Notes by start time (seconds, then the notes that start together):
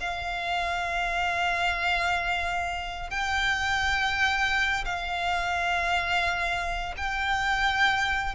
0.00 F5
3.10 G5
4.85 F5
6.97 G5